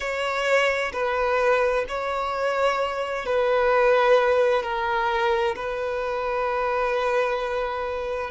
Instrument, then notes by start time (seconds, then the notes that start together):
violin
0.00 C#5
0.92 B4
1.88 C#5
3.25 B4
4.62 A#4
5.56 B4